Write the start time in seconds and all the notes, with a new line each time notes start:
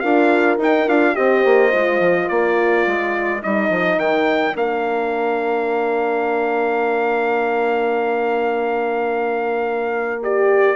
0.00 D4 F4 A#4 F5
0.58 D#4 G5
0.88 D4 F4 F5
1.14 C4 G4 C5 D#5
1.45 A#3
1.72 G#3 F4
2.00 F3
2.27 A#3 A#4 D5
2.86 G#3
3.42 G3 D#4 D#5
3.70 F3
3.97 D#3 G5
4.54 A#3 D4 F5
10.22 G4 D5